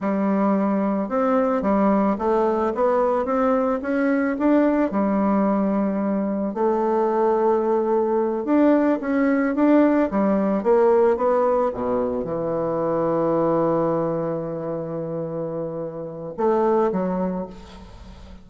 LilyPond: \new Staff \with { instrumentName = "bassoon" } { \time 4/4 \tempo 4 = 110 g2 c'4 g4 | a4 b4 c'4 cis'4 | d'4 g2. | a2.~ a8 d'8~ |
d'8 cis'4 d'4 g4 ais8~ | ais8 b4 b,4 e4.~ | e1~ | e2 a4 fis4 | }